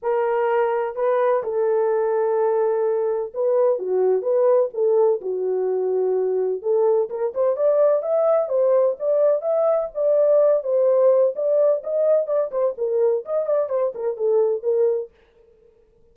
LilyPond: \new Staff \with { instrumentName = "horn" } { \time 4/4 \tempo 4 = 127 ais'2 b'4 a'4~ | a'2. b'4 | fis'4 b'4 a'4 fis'4~ | fis'2 a'4 ais'8 c''8 |
d''4 e''4 c''4 d''4 | e''4 d''4. c''4. | d''4 dis''4 d''8 c''8 ais'4 | dis''8 d''8 c''8 ais'8 a'4 ais'4 | }